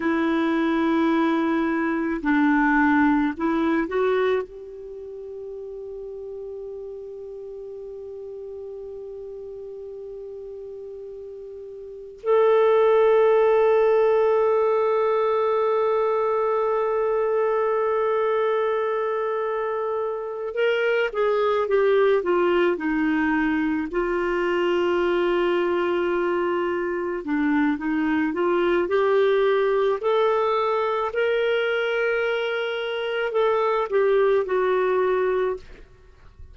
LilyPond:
\new Staff \with { instrumentName = "clarinet" } { \time 4/4 \tempo 4 = 54 e'2 d'4 e'8 fis'8 | g'1~ | g'2. a'4~ | a'1~ |
a'2~ a'8 ais'8 gis'8 g'8 | f'8 dis'4 f'2~ f'8~ | f'8 d'8 dis'8 f'8 g'4 a'4 | ais'2 a'8 g'8 fis'4 | }